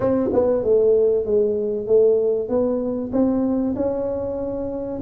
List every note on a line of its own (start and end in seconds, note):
0.00 0.29 C4
0.33 0.63 B3
0.63 1.25 A3
1.25 1.86 G#3
1.86 2.48 A3
2.48 3.11 B3
3.12 3.74 C4
3.75 5.00 C#4